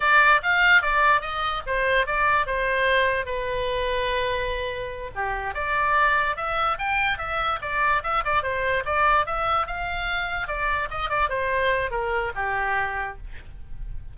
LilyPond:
\new Staff \with { instrumentName = "oboe" } { \time 4/4 \tempo 4 = 146 d''4 f''4 d''4 dis''4 | c''4 d''4 c''2 | b'1~ | b'8 g'4 d''2 e''8~ |
e''8 g''4 e''4 d''4 e''8 | d''8 c''4 d''4 e''4 f''8~ | f''4. d''4 dis''8 d''8 c''8~ | c''4 ais'4 g'2 | }